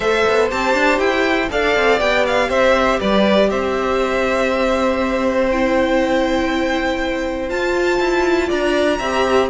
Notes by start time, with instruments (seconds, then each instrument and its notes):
0.00 cello A3, viola A4, violin C5 E5
0.28 cello B3
0.49 cello C4, viola G4, violin A5
0.73 cello D4
0.98 cello E4, violin G5
1.49 cello D4, viola A4, violin D5 F5
1.75 cello C4
1.99 cello B3, viola G4, violin G5
2.26 violin F5
2.48 cello C4, violin C5 E5
2.99 cello G3, violin B4 D5
3.50 cello C4, violin C5 E5
5.51 viola E4, violin G5
7.48 viola F4, cello F4, violin A5
7.99 cello E4
8.47 cello D4, violin D5 A#5
8.98 cello C4, viola G4, violin E5